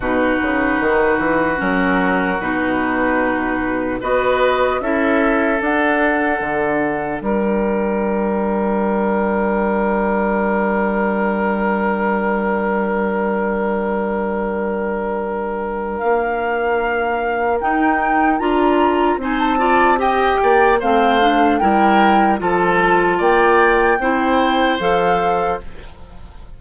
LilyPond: <<
  \new Staff \with { instrumentName = "flute" } { \time 4/4 \tempo 4 = 75 b'2 ais'4 b'4~ | b'4 dis''4 e''4 fis''4~ | fis''4 g''2.~ | g''1~ |
g''1 | f''2 g''4 ais''4 | gis''16 a''8. g''4 f''4 g''4 | a''4 g''2 f''4 | }
  \new Staff \with { instrumentName = "oboe" } { \time 4/4 fis'1~ | fis'4 b'4 a'2~ | a'4 ais'2.~ | ais'1~ |
ais'1~ | ais'1 | c''8 d''8 dis''8 d''8 c''4 ais'4 | a'4 d''4 c''2 | }
  \new Staff \with { instrumentName = "clarinet" } { \time 4/4 dis'2 cis'4 dis'4~ | dis'4 fis'4 e'4 d'4~ | d'1~ | d'1~ |
d'1~ | d'2 dis'4 f'4 | dis'8 f'8 g'4 c'8 d'8 e'4 | f'2 e'4 a'4 | }
  \new Staff \with { instrumentName = "bassoon" } { \time 4/4 b,8 cis8 dis8 e8 fis4 b,4~ | b,4 b4 cis'4 d'4 | d4 g2.~ | g1~ |
g1 | ais2 dis'4 d'4 | c'4. ais8 a4 g4 | f4 ais4 c'4 f4 | }
>>